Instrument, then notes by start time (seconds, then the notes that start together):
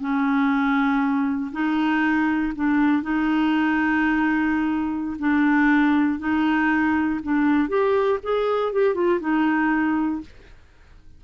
clarinet
0.00 C#4
1.52 D#4
2.55 D4
3.02 D#4
5.19 D4
6.19 D#4
7.23 D4
7.68 G4
8.23 G#4
8.72 G4
8.94 F4
9.20 D#4